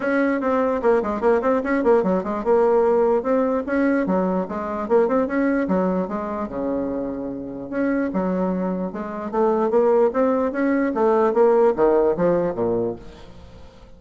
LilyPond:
\new Staff \with { instrumentName = "bassoon" } { \time 4/4 \tempo 4 = 148 cis'4 c'4 ais8 gis8 ais8 c'8 | cis'8 ais8 fis8 gis8 ais2 | c'4 cis'4 fis4 gis4 | ais8 c'8 cis'4 fis4 gis4 |
cis2. cis'4 | fis2 gis4 a4 | ais4 c'4 cis'4 a4 | ais4 dis4 f4 ais,4 | }